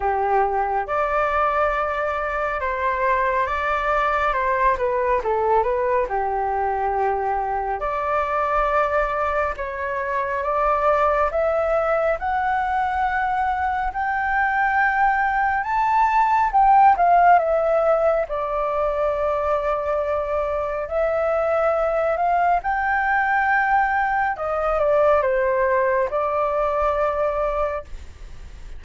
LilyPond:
\new Staff \with { instrumentName = "flute" } { \time 4/4 \tempo 4 = 69 g'4 d''2 c''4 | d''4 c''8 b'8 a'8 b'8 g'4~ | g'4 d''2 cis''4 | d''4 e''4 fis''2 |
g''2 a''4 g''8 f''8 | e''4 d''2. | e''4. f''8 g''2 | dis''8 d''8 c''4 d''2 | }